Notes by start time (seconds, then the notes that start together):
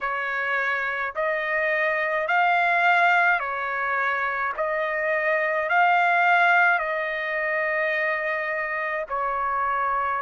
0.00 C#5
1.15 D#5
2.27 F5
3.40 C#5
4.56 D#5
5.69 F5
6.79 D#5
9.08 C#5